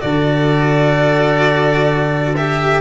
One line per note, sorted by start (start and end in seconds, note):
0.00 2.81 D3
0.00 2.34 F#4
0.00 2.81 A4
0.00 2.35 D5
2.37 2.81 G4
2.37 2.81 E5